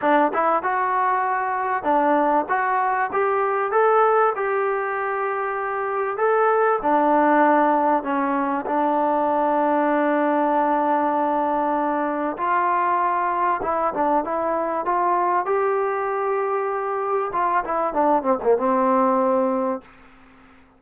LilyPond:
\new Staff \with { instrumentName = "trombone" } { \time 4/4 \tempo 4 = 97 d'8 e'8 fis'2 d'4 | fis'4 g'4 a'4 g'4~ | g'2 a'4 d'4~ | d'4 cis'4 d'2~ |
d'1 | f'2 e'8 d'8 e'4 | f'4 g'2. | f'8 e'8 d'8 c'16 ais16 c'2 | }